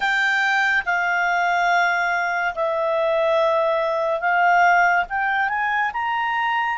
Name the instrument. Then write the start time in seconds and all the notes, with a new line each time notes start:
clarinet
0.00 G5
0.85 F5
2.54 E5
4.20 F5
5.09 G5
5.49 G#5
5.93 A#5